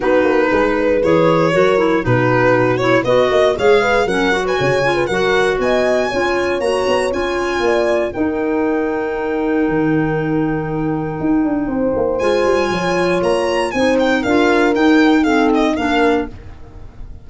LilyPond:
<<
  \new Staff \with { instrumentName = "violin" } { \time 4/4 \tempo 4 = 118 b'2 cis''2 | b'4. cis''8 dis''4 f''4 | fis''8. gis''4~ gis''16 fis''4 gis''4~ | gis''4 ais''4 gis''2 |
g''1~ | g''1 | gis''2 ais''4 gis''8 g''8 | f''4 g''4 f''8 dis''8 f''4 | }
  \new Staff \with { instrumentName = "horn" } { \time 4/4 fis'4 gis'8 b'4. ais'4 | fis'2 b'8 dis''8 cis''8 b'8 | ais'8. b'16 cis''8. b'16 ais'4 dis''4 | cis''2. d''4 |
ais'1~ | ais'2. c''4~ | c''4 cis''2 c''4 | ais'2 a'4 ais'4 | }
  \new Staff \with { instrumentName = "clarinet" } { \time 4/4 dis'2 gis'4 fis'8 e'8 | dis'4. e'8 fis'4 gis'4 | cis'8 fis'4 f'8 fis'2 | f'4 fis'4 f'2 |
dis'1~ | dis'1 | f'2. dis'4 | f'4 dis'4 c'4 d'4 | }
  \new Staff \with { instrumentName = "tuba" } { \time 4/4 b8 ais8 gis4 e4 fis4 | b,2 b8 ais8 gis4 | fis4 cis4 fis4 b4 | cis'4 ais8 b8 cis'4 ais4 |
dis'2. dis4~ | dis2 dis'8 d'8 c'8 ais8 | gis8 g8 f4 ais4 c'4 | d'4 dis'2 ais4 | }
>>